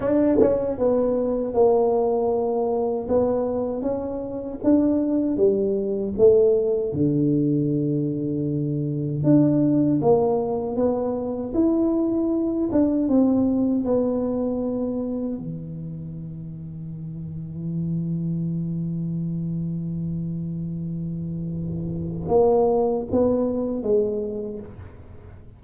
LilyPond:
\new Staff \with { instrumentName = "tuba" } { \time 4/4 \tempo 4 = 78 d'8 cis'8 b4 ais2 | b4 cis'4 d'4 g4 | a4 d2. | d'4 ais4 b4 e'4~ |
e'8 d'8 c'4 b2 | e1~ | e1~ | e4 ais4 b4 gis4 | }